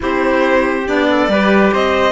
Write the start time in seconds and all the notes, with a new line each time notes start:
0.00 C4 E4 G4 C5
0.86 B3 D4 D5
1.10 A4
1.28 G3 G4 B4
1.73 C4 C5 D#5